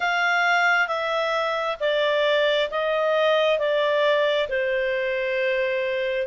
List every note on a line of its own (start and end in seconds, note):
0.00 0.87 F5
0.87 1.77 E5
1.80 2.69 D5
2.70 3.58 D#5
3.58 4.48 D5
4.49 6.27 C5